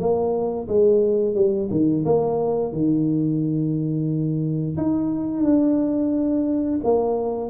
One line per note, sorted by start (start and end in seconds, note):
0.00 0.68 A#3
0.68 1.35 G#3
1.35 1.69 G3
1.71 2.05 D#3
2.05 2.73 A#3
2.73 4.77 D#3
4.78 5.44 D#4
5.44 6.80 D4
6.84 7.51 A#3